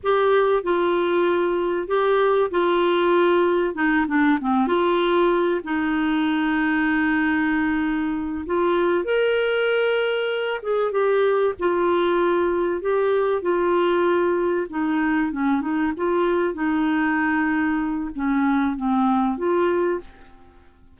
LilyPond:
\new Staff \with { instrumentName = "clarinet" } { \time 4/4 \tempo 4 = 96 g'4 f'2 g'4 | f'2 dis'8 d'8 c'8 f'8~ | f'4 dis'2.~ | dis'4. f'4 ais'4.~ |
ais'4 gis'8 g'4 f'4.~ | f'8 g'4 f'2 dis'8~ | dis'8 cis'8 dis'8 f'4 dis'4.~ | dis'4 cis'4 c'4 f'4 | }